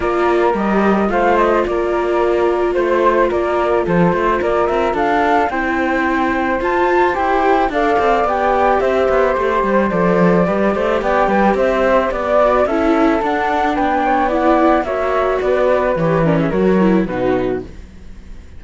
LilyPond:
<<
  \new Staff \with { instrumentName = "flute" } { \time 4/4 \tempo 4 = 109 d''4 dis''4 f''8 dis''8 d''4~ | d''4 c''4 d''4 c''4 | d''8 e''8 f''4 g''2 | a''4 g''4 f''4 g''4 |
e''4 c''4 d''2 | g''4 e''4 d''4 e''4 | fis''4 g''4 fis''4 e''4 | d''4 cis''8 d''16 e''16 cis''4 b'4 | }
  \new Staff \with { instrumentName = "flute" } { \time 4/4 ais'2 c''4 ais'4~ | ais'4 c''4 ais'4 a'8 c''8 | ais'4 a'4 c''2~ | c''2 d''2 |
c''2. b'8 c''8 | d''8 b'8 c''4 d''4 a'4~ | a'4 b'8 cis''8 d''4 cis''4 | b'4. ais'16 gis'16 ais'4 fis'4 | }
  \new Staff \with { instrumentName = "viola" } { \time 4/4 f'4 g'4 f'2~ | f'1~ | f'2 e'2 | f'4 g'4 a'4 g'4~ |
g'2 a'4 g'4~ | g'2~ g'8 fis'8 e'4 | d'2 e'4 fis'4~ | fis'4 g'8 cis'8 fis'8 e'8 dis'4 | }
  \new Staff \with { instrumentName = "cello" } { \time 4/4 ais4 g4 a4 ais4~ | ais4 a4 ais4 f8 a8 | ais8 c'8 d'4 c'2 | f'4 e'4 d'8 c'8 b4 |
c'8 b8 a8 g8 f4 g8 a8 | b8 g8 c'4 b4 cis'4 | d'4 b2 ais4 | b4 e4 fis4 b,4 | }
>>